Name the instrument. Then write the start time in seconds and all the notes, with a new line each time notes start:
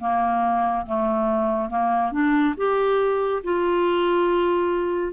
clarinet
0.00 A#3
0.86 A3
1.69 A#3
2.12 D4
2.57 G4
3.44 F4